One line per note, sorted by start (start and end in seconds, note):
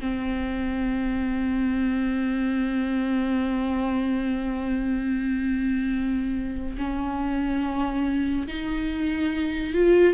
0.00 6.76 C4
6.78 8.47 C#4
8.47 9.74 D#4
9.74 10.14 F4